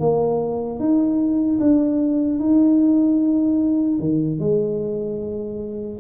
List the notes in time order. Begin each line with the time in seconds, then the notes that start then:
0.00 A#3
0.80 D#4
1.60 D4
2.40 D#4
4.00 D#3
4.40 G#3